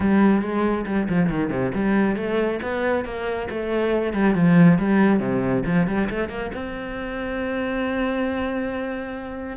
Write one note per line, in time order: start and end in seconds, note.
0.00 0.41 G3
0.41 0.85 G#3
0.86 1.08 G3
1.08 1.29 F3
1.29 1.50 D#3
1.50 1.72 C3
1.74 2.16 G3
2.16 2.59 A3
2.62 3.04 B3
3.04 3.48 A#3
3.50 4.13 A3
4.13 4.34 G3
4.35 4.78 F3
4.78 5.19 G3
5.19 5.63 C3
5.65 5.87 F3
5.87 6.08 G3
6.09 6.29 A3
6.29 6.51 A#3
6.53 9.57 C4